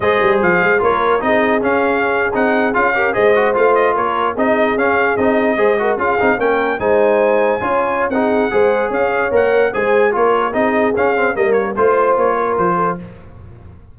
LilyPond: <<
  \new Staff \with { instrumentName = "trumpet" } { \time 4/4 \tempo 4 = 148 dis''4 f''4 cis''4 dis''4 | f''4.~ f''16 fis''4 f''4 dis''16~ | dis''8. f''8 dis''8 cis''4 dis''4 f''16~ | f''8. dis''2 f''4 g''16~ |
g''8. gis''2.~ gis''16 | fis''2 f''4 fis''4 | gis''4 cis''4 dis''4 f''4 | dis''8 cis''8 c''4 cis''4 c''4 | }
  \new Staff \with { instrumentName = "horn" } { \time 4/4 c''2 ais'4 gis'4~ | gis'2.~ gis'16 ais'8 c''16~ | c''4.~ c''16 ais'4 gis'4~ gis'16~ | gis'4.~ gis'16 c''8 ais'8 gis'4 ais'16~ |
ais'8. c''2 cis''4~ cis''16 | gis'4 c''4 cis''2 | c''4 ais'4 gis'2 | ais'4 c''4. ais'4 a'8 | }
  \new Staff \with { instrumentName = "trombone" } { \time 4/4 gis'2 f'4 dis'4 | cis'4.~ cis'16 dis'4 f'8 g'8 gis'16~ | gis'16 fis'8 f'2 dis'4 cis'16~ | cis'8. dis'4 gis'8 fis'8 f'8 dis'8 cis'16~ |
cis'8. dis'2 f'4~ f'16 | dis'4 gis'2 ais'4 | gis'4 f'4 dis'4 cis'8 c'8 | ais4 f'2. | }
  \new Staff \with { instrumentName = "tuba" } { \time 4/4 gis8 g8 f8 gis8 ais4 c'4 | cis'4.~ cis'16 c'4 cis'4 gis16~ | gis8. a4 ais4 c'4 cis'16~ | cis'8. c'4 gis4 cis'8 c'8 ais16~ |
ais8. gis2 cis'4~ cis'16 | c'4 gis4 cis'4 ais4 | gis4 ais4 c'4 cis'4 | g4 a4 ais4 f4 | }
>>